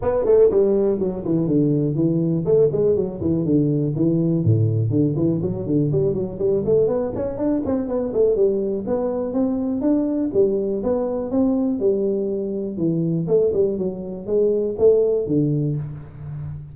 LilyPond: \new Staff \with { instrumentName = "tuba" } { \time 4/4 \tempo 4 = 122 b8 a8 g4 fis8 e8 d4 | e4 a8 gis8 fis8 e8 d4 | e4 a,4 d8 e8 fis8 d8 | g8 fis8 g8 a8 b8 cis'8 d'8 c'8 |
b8 a8 g4 b4 c'4 | d'4 g4 b4 c'4 | g2 e4 a8 g8 | fis4 gis4 a4 d4 | }